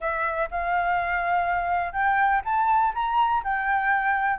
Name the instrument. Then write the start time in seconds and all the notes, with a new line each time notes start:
flute
0.00 E5
0.50 F5
1.92 G5
2.45 A5
2.94 A#5
3.43 G5